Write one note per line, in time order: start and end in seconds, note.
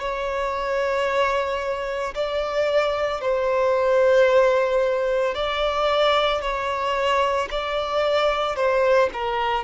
0.00 2.14 C#5
2.14 3.21 D5
3.21 5.35 C5
5.35 6.41 D5
6.41 7.49 C#5
7.50 8.56 D5
8.56 9.10 C5
9.13 9.64 A#4